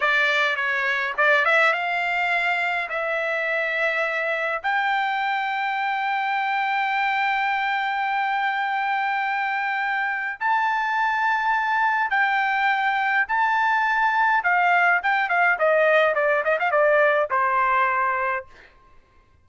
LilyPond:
\new Staff \with { instrumentName = "trumpet" } { \time 4/4 \tempo 4 = 104 d''4 cis''4 d''8 e''8 f''4~ | f''4 e''2. | g''1~ | g''1~ |
g''2 a''2~ | a''4 g''2 a''4~ | a''4 f''4 g''8 f''8 dis''4 | d''8 dis''16 f''16 d''4 c''2 | }